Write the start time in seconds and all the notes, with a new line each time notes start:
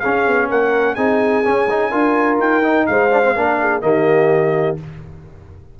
0.00 C#4 G#4 F5
0.27 B3
0.50 A#3 A#4 F#5
0.95 C4 D#4 G#4 G#5
1.44 C#4
1.70 D#4
1.91 D4 F4 A#4
2.39 D#4 G5
2.63 D#4
2.87 G#3 C5 F5
3.11 D4
3.23 C4
3.36 A#3 D4 A#4
3.60 G#4
3.82 D#3 A#3 G4 D#5